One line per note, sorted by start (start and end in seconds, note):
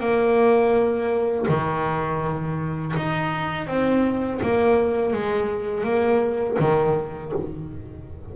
0.00 1.46 A#3
1.48 2.95 D#3
2.97 3.67 D#4
3.67 4.40 C4
4.42 5.14 A#3
5.14 5.84 G#3
5.84 6.57 A#3
6.60 7.33 D#3